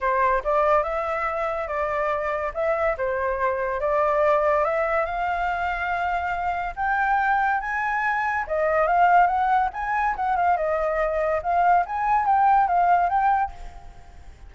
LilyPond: \new Staff \with { instrumentName = "flute" } { \time 4/4 \tempo 4 = 142 c''4 d''4 e''2 | d''2 e''4 c''4~ | c''4 d''2 e''4 | f''1 |
g''2 gis''2 | dis''4 f''4 fis''4 gis''4 | fis''8 f''8 dis''2 f''4 | gis''4 g''4 f''4 g''4 | }